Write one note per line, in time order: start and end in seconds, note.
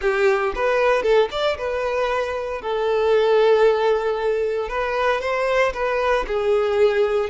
0.01 0.53 G4
0.55 1.02 B4
1.02 1.29 A4
1.31 1.57 D5
1.57 2.61 B4
2.61 4.68 A4
4.68 5.20 B4
5.20 5.72 C5
5.73 6.25 B4
6.27 7.29 G#4